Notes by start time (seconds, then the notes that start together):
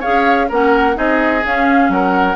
0.00 G#4 C#5 F5
0.07 C#4
0.49 A#3 C#4 A#4 F#5
0.94 C4 D#4 G#4 D#5
1.44 C#4 F5
1.89 F#3 A#4 F#5